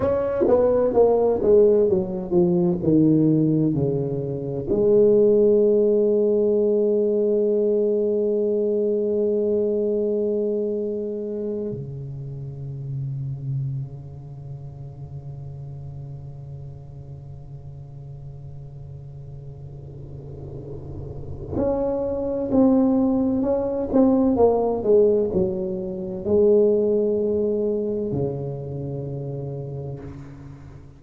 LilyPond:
\new Staff \with { instrumentName = "tuba" } { \time 4/4 \tempo 4 = 64 cis'8 b8 ais8 gis8 fis8 f8 dis4 | cis4 gis2.~ | gis1~ | gis8 cis2.~ cis8~ |
cis1~ | cis2. cis'4 | c'4 cis'8 c'8 ais8 gis8 fis4 | gis2 cis2 | }